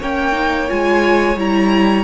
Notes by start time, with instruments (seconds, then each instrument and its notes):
0.00 cello A#3, viola C#4, violin C#5 G5
0.33 viola D#4
0.68 cello G#3, viola F4, violin G#5
1.36 cello G3, viola E4, violin A#5